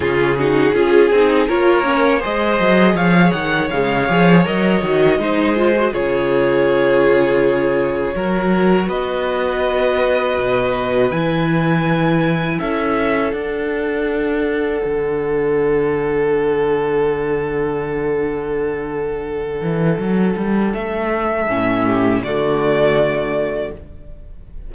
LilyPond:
<<
  \new Staff \with { instrumentName = "violin" } { \time 4/4 \tempo 4 = 81 gis'2 cis''4 dis''4 | f''8 fis''8 f''4 dis''2 | cis''1 | dis''2. gis''4~ |
gis''4 e''4 fis''2~ | fis''1~ | fis''1 | e''2 d''2 | }
  \new Staff \with { instrumentName = "violin" } { \time 4/4 f'8 fis'8 gis'4 ais'4 c''4 | cis''2. c''4 | gis'2. ais'4 | b'1~ |
b'4 a'2.~ | a'1~ | a'1~ | a'4. g'8 fis'2 | }
  \new Staff \with { instrumentName = "viola" } { \time 4/4 cis'8 dis'8 f'8 dis'8 f'8 cis'8 gis'4~ | gis'4 gis8 gis'8 ais'8 fis'8 dis'8 f'16 fis'16 | f'2. fis'4~ | fis'2. e'4~ |
e'2 d'2~ | d'1~ | d'1~ | d'4 cis'4 a2 | }
  \new Staff \with { instrumentName = "cello" } { \time 4/4 cis4 cis'8 c'8 ais4 gis8 fis8 | f8 dis8 cis8 f8 fis8 dis8 gis4 | cis2. fis4 | b2 b,4 e4~ |
e4 cis'4 d'2 | d1~ | d2~ d8 e8 fis8 g8 | a4 a,4 d2 | }
>>